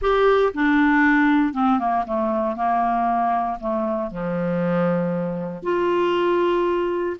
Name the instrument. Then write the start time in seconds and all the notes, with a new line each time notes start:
clarinet
0.01 G4
0.53 D4
1.53 C4
1.79 A#3
2.06 A3
2.55 A#3
3.60 A3
4.10 F3
5.62 F4